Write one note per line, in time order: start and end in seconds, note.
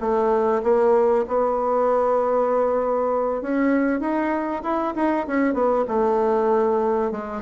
0.00 0.62 A3
0.63 1.25 A#3
1.28 3.42 B3
3.42 4.00 C#4
4.00 4.62 D#4
4.63 4.94 E4
4.95 5.26 D#4
5.27 5.54 C#4
5.54 5.85 B3
5.88 7.11 A3
7.11 7.42 G#3